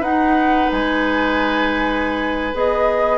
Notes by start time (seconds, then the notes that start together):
0.00 D#4 B4 F#5
0.72 G#3 G#5
2.53 B3 G#4 D#5